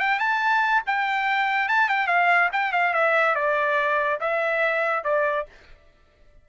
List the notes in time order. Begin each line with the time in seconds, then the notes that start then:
0.00 G5
0.20 A5
0.87 G5
1.69 A5
1.89 G5
2.08 F5
2.53 G5
2.73 F5
2.94 E5
3.36 D5
4.21 E5
5.04 D5